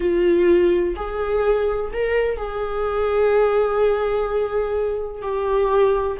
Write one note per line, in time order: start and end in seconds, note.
0.00 0.95 F4
0.96 1.91 G#4
1.92 2.37 A#4
2.37 5.21 G#4
5.21 6.17 G4